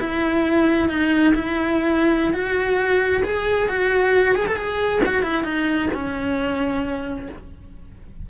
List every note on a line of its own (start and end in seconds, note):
0.00 0.89 E4
0.89 1.34 D#4
1.35 2.33 E4
2.33 3.23 F#4
3.24 3.69 G#4
3.69 4.36 F#4
4.36 4.47 G#4
4.47 4.57 A4
4.57 5.01 G#4
5.06 5.23 F#4
5.23 5.44 E4
5.44 5.89 D#4
5.94 7.28 C#4